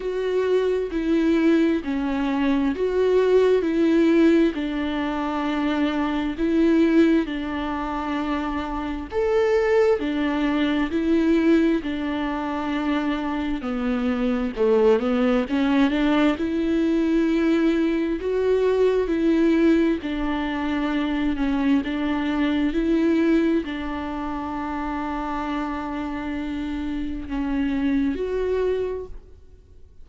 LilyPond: \new Staff \with { instrumentName = "viola" } { \time 4/4 \tempo 4 = 66 fis'4 e'4 cis'4 fis'4 | e'4 d'2 e'4 | d'2 a'4 d'4 | e'4 d'2 b4 |
a8 b8 cis'8 d'8 e'2 | fis'4 e'4 d'4. cis'8 | d'4 e'4 d'2~ | d'2 cis'4 fis'4 | }